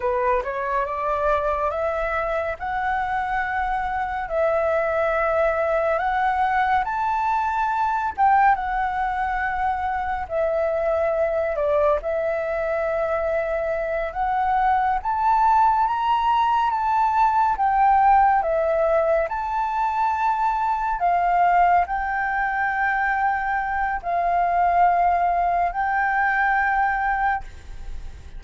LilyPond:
\new Staff \with { instrumentName = "flute" } { \time 4/4 \tempo 4 = 70 b'8 cis''8 d''4 e''4 fis''4~ | fis''4 e''2 fis''4 | a''4. g''8 fis''2 | e''4. d''8 e''2~ |
e''8 fis''4 a''4 ais''4 a''8~ | a''8 g''4 e''4 a''4.~ | a''8 f''4 g''2~ g''8 | f''2 g''2 | }